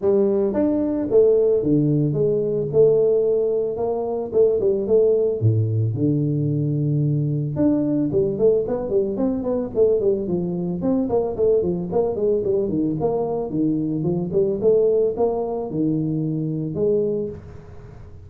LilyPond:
\new Staff \with { instrumentName = "tuba" } { \time 4/4 \tempo 4 = 111 g4 d'4 a4 d4 | gis4 a2 ais4 | a8 g8 a4 a,4 d4~ | d2 d'4 g8 a8 |
b8 g8 c'8 b8 a8 g8 f4 | c'8 ais8 a8 f8 ais8 gis8 g8 dis8 | ais4 dis4 f8 g8 a4 | ais4 dis2 gis4 | }